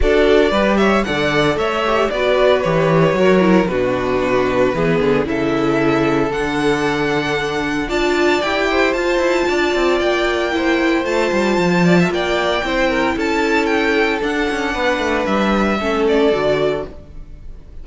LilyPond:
<<
  \new Staff \with { instrumentName = "violin" } { \time 4/4 \tempo 4 = 114 d''4. e''8 fis''4 e''4 | d''4 cis''2 b'4~ | b'2 e''2 | fis''2. a''4 |
g''4 a''2 g''4~ | g''4 a''2 g''4~ | g''4 a''4 g''4 fis''4~ | fis''4 e''4. d''4. | }
  \new Staff \with { instrumentName = "violin" } { \time 4/4 a'4 b'8 cis''8 d''4 cis''4 | b'2 ais'4 fis'4~ | fis'4 gis'4 a'2~ | a'2. d''4~ |
d''8 c''4. d''2 | c''2~ c''8 d''16 e''16 d''4 | c''8 ais'8 a'2. | b'2 a'2 | }
  \new Staff \with { instrumentName = "viola" } { \time 4/4 fis'4 g'4 a'4. g'8 | fis'4 g'4 fis'8 e'8 d'4~ | d'4 b4 e'2 | d'2. f'4 |
g'4 f'2. | e'4 f'2. | e'2. d'4~ | d'2 cis'4 fis'4 | }
  \new Staff \with { instrumentName = "cello" } { \time 4/4 d'4 g4 d4 a4 | b4 e4 fis4 b,4~ | b,4 e8 d8 cis2 | d2. d'4 |
e'4 f'8 e'8 d'8 c'8 ais4~ | ais4 a8 g8 f4 ais4 | c'4 cis'2 d'8 cis'8 | b8 a8 g4 a4 d4 | }
>>